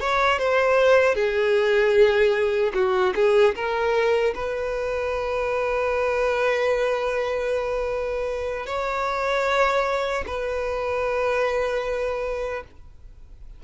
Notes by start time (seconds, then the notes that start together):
0.00 C#5
0.39 C5
1.15 G#4
2.74 F#4
3.15 G#4
3.55 A#4
4.35 B4
8.66 C#5
10.27 B4